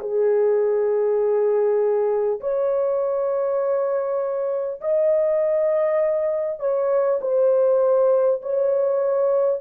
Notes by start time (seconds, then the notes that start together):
0.00 G#4
2.41 C#5
4.81 D#5
6.60 C#5
7.22 C5
8.42 C#5